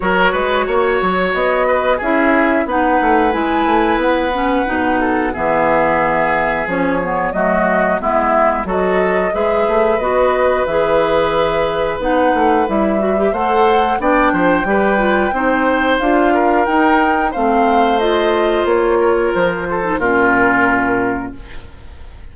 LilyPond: <<
  \new Staff \with { instrumentName = "flute" } { \time 4/4 \tempo 4 = 90 cis''2 dis''4 e''4 | fis''4 gis''4 fis''2 | e''2 cis''4 dis''4 | e''4 dis''4 e''4 dis''4 |
e''2 fis''4 e''4 | fis''4 g''2. | f''4 g''4 f''4 dis''4 | cis''4 c''4 ais'2 | }
  \new Staff \with { instrumentName = "oboe" } { \time 4/4 ais'8 b'8 cis''4. b'8 gis'4 | b'2.~ b'8 a'8 | gis'2. fis'4 | e'4 a'4 b'2~ |
b'1 | c''4 d''8 c''8 b'4 c''4~ | c''8 ais'4. c''2~ | c''8 ais'4 a'8 f'2 | }
  \new Staff \with { instrumentName = "clarinet" } { \time 4/4 fis'2. e'4 | dis'4 e'4. cis'8 dis'4 | b2 cis'8 b8 a4 | b4 fis'4 gis'4 fis'4 |
gis'2 dis'4 e'8 fis'16 g'16 | a'4 d'4 g'8 f'8 dis'4 | f'4 dis'4 c'4 f'4~ | f'4.~ f'16 dis'16 cis'2 | }
  \new Staff \with { instrumentName = "bassoon" } { \time 4/4 fis8 gis8 ais8 fis8 b4 cis'4 | b8 a8 gis8 a8 b4 b,4 | e2 f4 fis4 | gis4 fis4 gis8 a8 b4 |
e2 b8 a8 g4 | a4 b8 f8 g4 c'4 | d'4 dis'4 a2 | ais4 f4 ais,2 | }
>>